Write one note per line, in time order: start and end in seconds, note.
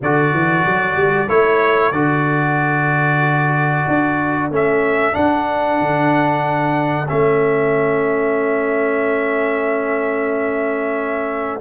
0.00 0.33 D3
0.00 1.28 F#4
0.00 11.60 A4
0.00 1.28 D5
0.33 0.65 E3
0.65 0.95 F#3
0.95 1.28 G3
1.28 1.92 A3
1.28 1.92 E4
1.28 1.91 C#5
1.91 3.85 D3
1.91 4.51 F#4
1.91 4.49 D5
3.87 4.51 D4
4.51 5.15 A3
4.51 5.12 C#4
4.51 5.14 E5
5.12 7.06 D4
5.12 5.80 D4
5.12 7.08 F#5
5.80 7.09 D3
7.08 11.60 A3
7.08 11.60 C#4
7.08 11.60 E5